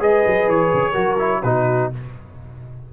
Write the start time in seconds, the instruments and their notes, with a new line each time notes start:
0.00 tuba G#3, trombone G#4, horn B4, trumpet D#5
0.26 tuba F#3
0.47 tuba E3, trumpet C#5
0.73 tuba C#3
0.92 tuba F#3, trombone F#4, horn A#4
1.19 trombone E4
1.43 tuba B2, trombone D#4, horn F#4, trumpet B4